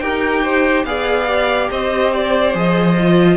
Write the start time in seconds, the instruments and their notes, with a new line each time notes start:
0.00 cello D#4, viola G4, violin A#4 G5
0.43 violin C5
0.85 cello B3, viola G#4, violin D5 F5
1.28 viola G4
1.71 cello C4, violin C5 D#5
2.15 violin D5
2.54 cello F3, viola G#4, violin D#5
3.00 viola F4